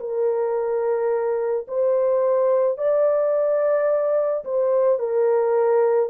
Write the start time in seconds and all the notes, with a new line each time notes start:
0.00 A#4
1.68 C5
2.78 D5
4.45 C5
4.99 A#4